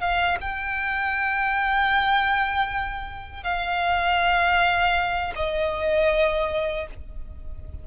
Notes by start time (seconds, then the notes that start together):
0.00 F5
0.41 G5
3.43 F5
5.35 D#5